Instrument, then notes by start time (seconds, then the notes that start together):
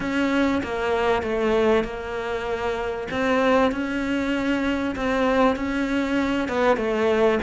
cello
0.00 C#4
0.63 A#3
1.22 A3
1.84 A#3
3.10 C4
3.71 C#4
4.95 C4
5.56 C#4
6.48 B3
6.76 A3